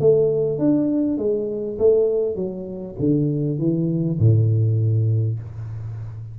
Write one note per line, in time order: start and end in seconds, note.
0.00 0.59 A3
0.59 1.18 D4
1.18 1.78 G#3
1.79 2.36 A3
2.36 2.96 F#3
3.00 3.59 D3
3.59 4.19 E3
4.19 5.39 A2